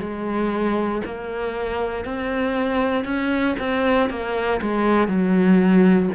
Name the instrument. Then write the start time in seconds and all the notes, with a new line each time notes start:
cello
0.00 G#3
1.05 A#3
2.05 C4
3.05 C#4
3.60 C4
4.10 A#3
4.62 G#3
5.08 F#3